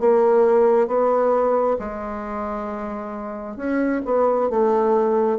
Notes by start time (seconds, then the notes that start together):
0.00 A#3
0.88 B3
1.79 G#3
3.57 C#4
4.05 B3
4.50 A3